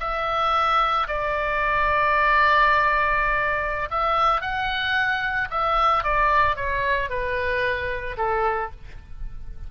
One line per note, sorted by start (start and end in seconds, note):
0.00 1.07 E5
1.07 3.88 D5
3.90 4.41 E5
4.41 5.48 F#5
5.50 6.03 E5
6.03 6.56 D5
6.56 7.09 C#5
7.09 8.16 B4
8.17 8.71 A4